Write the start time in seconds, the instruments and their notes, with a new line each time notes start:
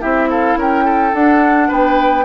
0.00 bassoon C4, clarinet E4, oboe G4, flute E5
0.30 oboe A4, flute F5
0.56 bassoon C#4, oboe A#4, flute G5
0.85 oboe A4
1.13 bassoon D4, clarinet D4, flute F#5
1.68 bassoon B3, oboe B4, flute G5